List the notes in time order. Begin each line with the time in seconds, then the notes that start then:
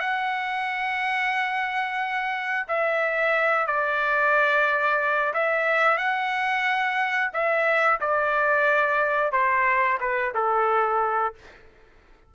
0.00 F#5
2.68 E5
3.67 D5
5.34 E5
5.98 F#5
7.33 E5
8.00 D5
9.32 C5
10.00 B4
10.34 A4